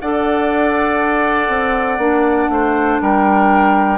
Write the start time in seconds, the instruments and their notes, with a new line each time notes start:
0.00 bassoon D4, clarinet A4, oboe D5, flute F#5
1.48 bassoon C4
1.97 bassoon A#3, clarinet D4
2.49 bassoon A3, oboe C5
3.01 bassoon G3, oboe A#4, flute G5